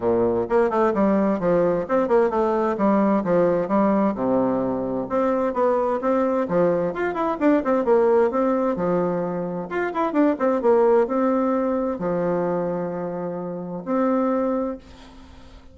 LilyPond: \new Staff \with { instrumentName = "bassoon" } { \time 4/4 \tempo 4 = 130 ais,4 ais8 a8 g4 f4 | c'8 ais8 a4 g4 f4 | g4 c2 c'4 | b4 c'4 f4 f'8 e'8 |
d'8 c'8 ais4 c'4 f4~ | f4 f'8 e'8 d'8 c'8 ais4 | c'2 f2~ | f2 c'2 | }